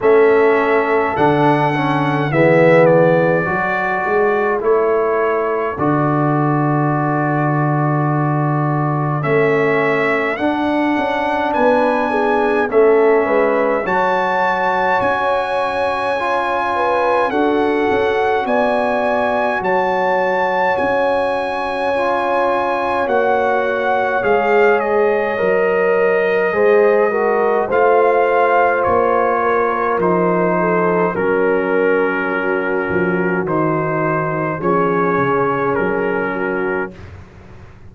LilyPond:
<<
  \new Staff \with { instrumentName = "trumpet" } { \time 4/4 \tempo 4 = 52 e''4 fis''4 e''8 d''4. | cis''4 d''2. | e''4 fis''4 gis''4 e''4 | a''4 gis''2 fis''4 |
gis''4 a''4 gis''2 | fis''4 f''8 dis''2~ dis''8 | f''4 cis''4 c''4 ais'4~ | ais'4 c''4 cis''4 ais'4 | }
  \new Staff \with { instrumentName = "horn" } { \time 4/4 a'2 gis'4 a'4~ | a'1~ | a'2 b'8 gis'8 a'8 b'8 | cis''2~ cis''8 b'8 a'4 |
d''4 cis''2.~ | cis''2. c''8 ais'8 | c''4. ais'4 a'8 ais'4 | fis'2 gis'4. fis'8 | }
  \new Staff \with { instrumentName = "trombone" } { \time 4/4 cis'4 d'8 cis'8 b4 fis'4 | e'4 fis'2. | cis'4 d'2 cis'4 | fis'2 f'4 fis'4~ |
fis'2. f'4 | fis'4 gis'4 ais'4 gis'8 fis'8 | f'2 dis'4 cis'4~ | cis'4 dis'4 cis'2 | }
  \new Staff \with { instrumentName = "tuba" } { \time 4/4 a4 d4 e4 fis8 gis8 | a4 d2. | a4 d'8 cis'8 b4 a8 gis8 | fis4 cis'2 d'8 cis'8 |
b4 fis4 cis'2 | ais4 gis4 fis4 gis4 | a4 ais4 f4 fis4~ | fis8 f8 dis4 f8 cis8 fis4 | }
>>